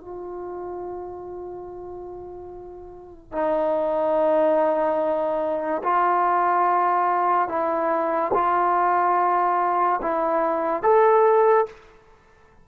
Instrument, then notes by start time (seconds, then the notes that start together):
trombone
0.00 F4
3.32 D#4
5.83 F4
7.48 E4
8.34 F4
10.02 E4
10.83 A4